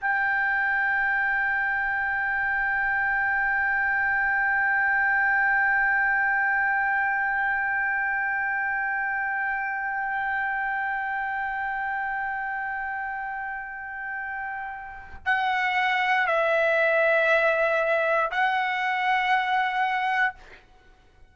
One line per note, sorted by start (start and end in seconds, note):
0.00 15.25 G5
15.25 16.27 F#5
16.27 18.30 E5
18.31 20.34 F#5